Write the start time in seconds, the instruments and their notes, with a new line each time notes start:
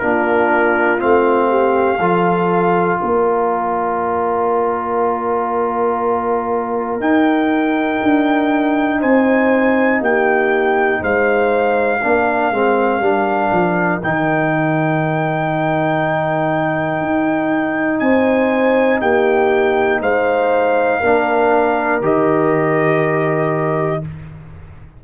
0.00 tuba A#3, trombone D4, horn F4, trumpet A#4
0.99 tuba A3, trombone C4, trumpet F5
1.50 horn G4
1.99 tuba F3, trombone F4, horn A4
3.01 tuba A#3, horn A#4, trumpet D5
7.00 tuba D#4, trombone D#4, trumpet G5
8.03 tuba D4
9.00 tuba C4, horn C5, trumpet G#5
10.01 tuba A#3, horn G4, trumpet G5
11.01 tuba G#3, horn C5, trumpet F5
12.00 tuba A#3, trombone D4, horn A#4
12.52 tuba G#3, trombone C4
13.00 tuba G3, trombone D4
13.53 tuba F3
14.03 tuba D#3, trombone D#4, trumpet G5
17.02 tuba D#4
18.00 tuba C4, horn C5, trumpet G#5
19.01 tuba A#3, horn G4, trumpet G5
20.01 tuba G#3, horn C5, trumpet F5
21.01 tuba A#3, trombone D4, horn A#4
22.02 tuba D#3, trombone G4, trumpet D#5